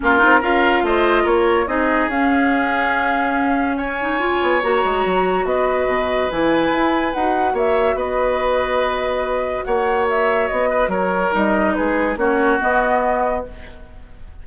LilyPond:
<<
  \new Staff \with { instrumentName = "flute" } { \time 4/4 \tempo 4 = 143 ais'4 f''4 dis''4 cis''4 | dis''4 f''2.~ | f''4 gis''2 ais''4~ | ais''4 dis''2 gis''4~ |
gis''4 fis''4 e''4 dis''4~ | dis''2. fis''4 | e''4 dis''4 cis''4 dis''4 | b'4 cis''4 dis''2 | }
  \new Staff \with { instrumentName = "oboe" } { \time 4/4 f'4 ais'4 c''4 ais'4 | gis'1~ | gis'4 cis''2.~ | cis''4 b'2.~ |
b'2 cis''4 b'4~ | b'2. cis''4~ | cis''4. b'8 ais'2 | gis'4 fis'2. | }
  \new Staff \with { instrumentName = "clarinet" } { \time 4/4 cis'8 dis'8 f'2. | dis'4 cis'2.~ | cis'4. dis'8 f'4 fis'4~ | fis'2. e'4~ |
e'4 fis'2.~ | fis'1~ | fis'2. dis'4~ | dis'4 cis'4 b2 | }
  \new Staff \with { instrumentName = "bassoon" } { \time 4/4 ais8 c'8 cis'4 a4 ais4 | c'4 cis'2.~ | cis'2~ cis'8 b8 ais8 gis8 | fis4 b4 b,4 e4 |
e'4 dis'4 ais4 b4~ | b2. ais4~ | ais4 b4 fis4 g4 | gis4 ais4 b2 | }
>>